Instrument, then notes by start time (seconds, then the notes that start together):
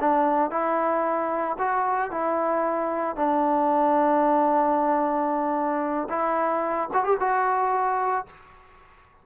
trombone
0.00 D4
0.51 E4
1.59 F#4
2.11 E4
3.16 D4
6.09 E4
6.93 F#4
7.04 G4
7.20 F#4